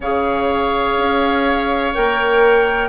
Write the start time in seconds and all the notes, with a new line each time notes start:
0.00 C#3 G#4 C#5 F5
0.97 C#4
1.94 A#3 A#4 G5